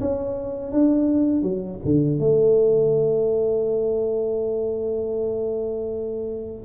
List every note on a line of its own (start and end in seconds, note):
0.00 0.71 C#4
0.71 1.42 D4
1.42 1.79 F#3
1.84 2.19 D3
2.19 6.64 A3